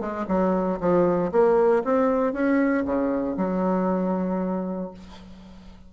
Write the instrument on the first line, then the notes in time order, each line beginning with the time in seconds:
bassoon
0.00 G#3
0.28 F#3
0.80 F3
1.31 A#3
1.84 C4
2.33 C#4
2.85 C#3
3.37 F#3